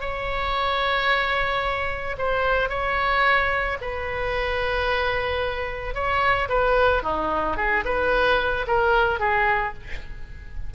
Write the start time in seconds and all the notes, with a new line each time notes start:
0.00 C#5
2.18 C5
2.69 C#5
3.81 B4
5.94 C#5
6.49 B4
7.03 D#4
7.57 G#4
7.85 B4
8.67 A#4
9.19 G#4